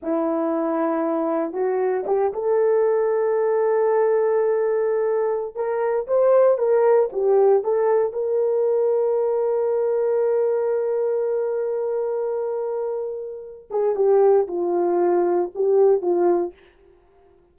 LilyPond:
\new Staff \with { instrumentName = "horn" } { \time 4/4 \tempo 4 = 116 e'2. fis'4 | g'8 a'2.~ a'8~ | a'2~ a'8. ais'4 c''16~ | c''8. ais'4 g'4 a'4 ais'16~ |
ais'1~ | ais'1~ | ais'2~ ais'8 gis'8 g'4 | f'2 g'4 f'4 | }